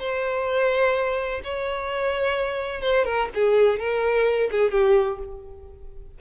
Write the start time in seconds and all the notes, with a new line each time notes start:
0.00 C5
1.45 C#5
2.82 C5
3.05 A#4
3.35 G#4
3.80 A#4
4.52 G#4
4.72 G4